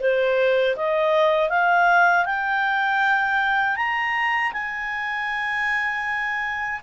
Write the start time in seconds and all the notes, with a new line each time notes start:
0.00 C5
0.77 D#5
1.49 F5
2.25 G5
3.77 A#5
4.53 G#5